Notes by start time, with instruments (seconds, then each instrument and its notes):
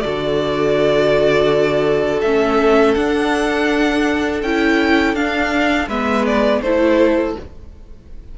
0.00 cello D3, viola F#4, violin A4 D5
2.21 cello A3, viola C#4, violin E5
2.95 viola D4, cello D4, violin F#5
4.43 cello C#4, viola E4, violin G5
5.14 cello D4, viola D4, violin F5
5.88 cello G#3, viola B3, violin B4 E5
6.26 violin D5
6.62 cello A3, viola E4, violin A4 C5